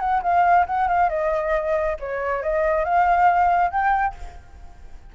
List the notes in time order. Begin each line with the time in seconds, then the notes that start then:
0.00 F#5
0.23 F5
0.67 F#5
0.88 F5
1.09 D#5
2.00 C#5
2.43 D#5
2.85 F5
3.71 G5